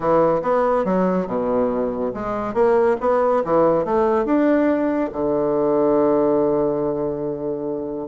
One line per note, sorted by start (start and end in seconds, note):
0.00 0.41 E3
0.42 0.84 B3
0.85 1.26 F#3
1.26 2.12 B2
2.14 2.53 G#3
2.53 2.96 A#3
3.00 3.43 B3
3.44 3.84 E3
3.84 4.25 A3
4.25 5.10 D4
5.12 8.08 D3